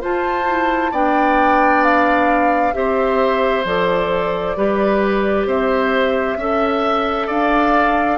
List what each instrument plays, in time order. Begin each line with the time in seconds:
0.00 clarinet F4, bassoon F4, oboe C5, flute A5
0.49 clarinet E4
0.92 bassoon B3, clarinet D4, oboe D5, flute G5
1.84 flute F5
2.73 bassoon C4, clarinet G4, oboe C5, flute E5
3.65 bassoon F3, clarinet A4, flute D5
4.57 bassoon G3, clarinet G4, oboe B4
5.46 bassoon C4, oboe C5, flute E5
6.37 bassoon C#4, clarinet A4, oboe E5
7.27 bassoon D4, oboe D5, flute F5